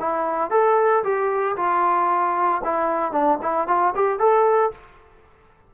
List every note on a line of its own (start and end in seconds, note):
0.00 0.51 E4
0.51 1.03 A4
1.04 1.56 G4
1.57 2.62 F4
2.65 3.12 E4
3.12 3.39 D4
3.42 3.68 E4
3.68 3.94 F4
3.96 4.19 G4
4.19 4.72 A4